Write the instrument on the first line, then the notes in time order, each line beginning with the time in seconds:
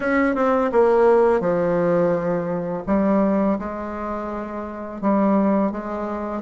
bassoon
0.00 C#4
0.35 C4
0.71 A#3
1.40 F3
2.86 G3
3.58 G#3
5.01 G3
5.71 G#3